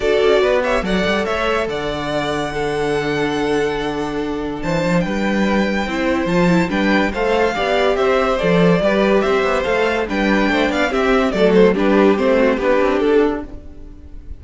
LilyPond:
<<
  \new Staff \with { instrumentName = "violin" } { \time 4/4 \tempo 4 = 143 d''4. e''8 fis''4 e''4 | fis''1~ | fis''2. a''4 | g''2. a''4 |
g''4 f''2 e''4 | d''2 e''4 f''4 | g''4. f''8 e''4 d''8 c''8 | b'4 c''4 b'4 a'4 | }
  \new Staff \with { instrumentName = "violin" } { \time 4/4 a'4 b'8 cis''8 d''4 cis''4 | d''2 a'2~ | a'2. c''4 | b'2 c''2 |
b'4 c''4 d''4 c''4~ | c''4 b'4 c''2 | b'4 c''8 d''8 g'4 a'4 | g'4. fis'8 g'2 | }
  \new Staff \with { instrumentName = "viola" } { \time 4/4 fis'4. g'8 a'2~ | a'2 d'2~ | d'1~ | d'2 e'4 f'8 e'8 |
d'4 a'4 g'2 | a'4 g'2 a'4 | d'2 c'4 a4 | d'4 c'4 d'2 | }
  \new Staff \with { instrumentName = "cello" } { \time 4/4 d'8 cis'8 b4 fis8 g8 a4 | d1~ | d2. e8 f8 | g2 c'4 f4 |
g4 a4 b4 c'4 | f4 g4 c'8 b8 a4 | g4 a8 b8 c'4 fis4 | g4 a4 b8 c'8 d'4 | }
>>